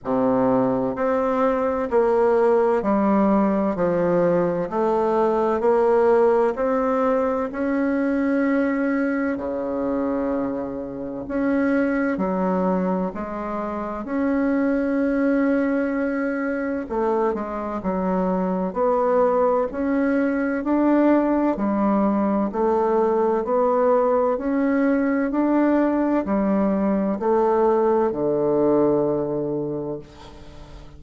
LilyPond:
\new Staff \with { instrumentName = "bassoon" } { \time 4/4 \tempo 4 = 64 c4 c'4 ais4 g4 | f4 a4 ais4 c'4 | cis'2 cis2 | cis'4 fis4 gis4 cis'4~ |
cis'2 a8 gis8 fis4 | b4 cis'4 d'4 g4 | a4 b4 cis'4 d'4 | g4 a4 d2 | }